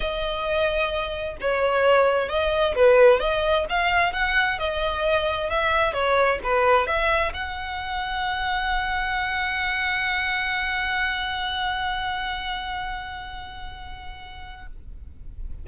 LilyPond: \new Staff \with { instrumentName = "violin" } { \time 4/4 \tempo 4 = 131 dis''2. cis''4~ | cis''4 dis''4 b'4 dis''4 | f''4 fis''4 dis''2 | e''4 cis''4 b'4 e''4 |
fis''1~ | fis''1~ | fis''1~ | fis''1 | }